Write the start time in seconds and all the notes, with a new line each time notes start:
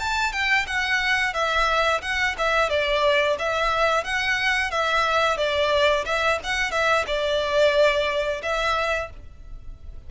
0.00 A5
0.33 G5
0.67 F#5
1.34 E5
2.02 F#5
2.38 E5
2.70 D5
3.39 E5
4.04 F#5
4.71 E5
5.38 D5
6.06 E5
6.44 F#5
6.71 E5
7.07 D5
8.43 E5